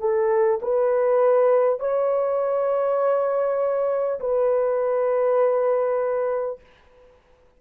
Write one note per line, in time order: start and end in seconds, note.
0.00 0.60 A4
0.62 1.80 B4
1.80 4.20 C#5
4.21 6.61 B4